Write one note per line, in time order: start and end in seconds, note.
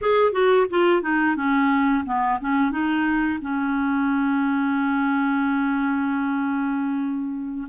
0.01 0.32 G#4
0.32 0.66 F#4
0.69 1.01 F4
1.01 1.35 D#4
1.36 2.04 C#4
2.05 2.39 B3
2.40 2.71 C#4
2.71 3.39 D#4
3.41 7.67 C#4